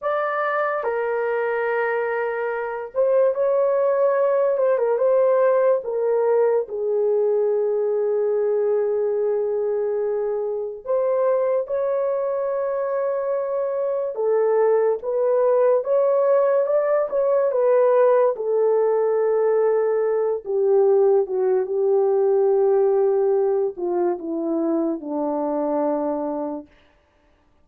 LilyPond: \new Staff \with { instrumentName = "horn" } { \time 4/4 \tempo 4 = 72 d''4 ais'2~ ais'8 c''8 | cis''4. c''16 ais'16 c''4 ais'4 | gis'1~ | gis'4 c''4 cis''2~ |
cis''4 a'4 b'4 cis''4 | d''8 cis''8 b'4 a'2~ | a'8 g'4 fis'8 g'2~ | g'8 f'8 e'4 d'2 | }